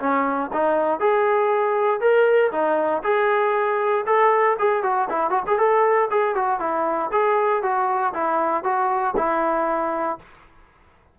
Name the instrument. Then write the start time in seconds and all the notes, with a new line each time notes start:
trombone
0.00 C#4
0.53 D#4
1.00 G#4
2.01 A#4
2.52 D#4
3.04 G#4
4.07 A4
4.59 G#4
4.84 F#4
5.10 E4
5.31 F#4
5.47 G#4
5.59 A4
6.11 G#4
6.35 F#4
6.60 E4
7.12 G#4
7.63 F#4
8.14 E4
8.64 F#4
9.17 E4